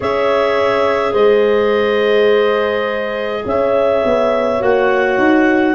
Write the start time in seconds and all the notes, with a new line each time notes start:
0.00 C#4 G#4 C#5 E5
1.12 G#3 C5 D#5
3.45 C#4 C#5 E5
4.05 B3
4.60 A#3 F#4 F#5
5.18 D#4